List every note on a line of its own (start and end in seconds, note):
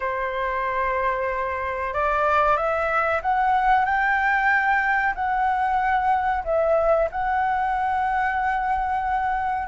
0.00 1.93 C5
1.93 2.56 D5
2.56 3.21 E5
3.22 3.85 F#5
3.85 5.14 G5
5.14 6.43 F#5
6.44 7.09 E5
7.11 9.67 F#5